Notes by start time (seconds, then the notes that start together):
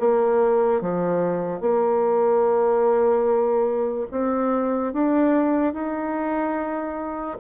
0.00 A#3
0.81 F3
1.61 A#3
4.11 C4
4.93 D4
5.74 D#4